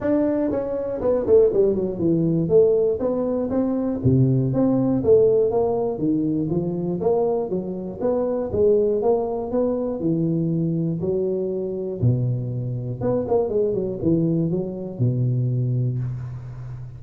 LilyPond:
\new Staff \with { instrumentName = "tuba" } { \time 4/4 \tempo 4 = 120 d'4 cis'4 b8 a8 g8 fis8 | e4 a4 b4 c'4 | c4 c'4 a4 ais4 | dis4 f4 ais4 fis4 |
b4 gis4 ais4 b4 | e2 fis2 | b,2 b8 ais8 gis8 fis8 | e4 fis4 b,2 | }